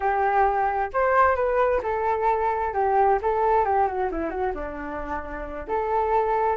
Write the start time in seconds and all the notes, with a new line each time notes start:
0.00 G4
0.93 C5
1.35 B4
1.82 A4
2.73 G4
3.21 A4
3.64 G4
3.87 F#4
4.11 E4
4.30 F#4
4.54 D4
5.68 A4